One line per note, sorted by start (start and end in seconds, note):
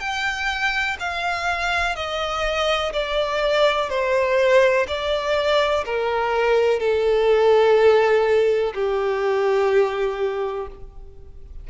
0.00 0.97 G5
0.99 1.96 F5
1.96 2.93 D#5
2.93 3.90 D5
3.90 4.87 C5
4.87 5.84 D5
5.85 6.80 A#4
6.80 8.73 A4
8.74 10.68 G4